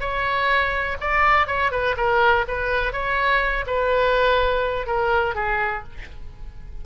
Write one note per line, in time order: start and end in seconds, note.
0.00 0.97 C#5
1.00 1.47 D5
1.47 1.71 C#5
1.71 1.95 B4
1.97 2.45 A#4
2.47 2.92 B4
2.92 3.65 C#5
3.66 4.86 B4
4.86 5.35 A#4
5.35 5.83 G#4